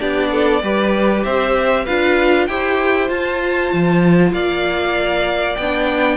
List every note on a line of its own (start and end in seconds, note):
0.00 0.62 B3
0.00 0.62 D4
0.00 0.31 G4
0.00 1.24 D5
0.32 0.63 A4
0.62 1.24 G3
0.62 1.87 G4
0.62 1.25 B4
1.24 1.87 C4
1.24 1.85 C5
1.24 1.86 E5
1.85 2.49 D4
1.85 2.49 F4
1.85 2.47 B4
1.85 2.47 F5
2.47 3.10 E4
2.47 3.09 G4
2.47 4.34 C5
2.47 3.09 G5
3.09 5.56 F4
3.09 3.72 F4
3.09 4.33 A5
3.73 4.33 F3
4.33 5.56 A#3
4.33 6.17 D5
4.33 5.57 F5
5.57 6.17 B3
5.57 6.17 D4
5.57 6.17 G5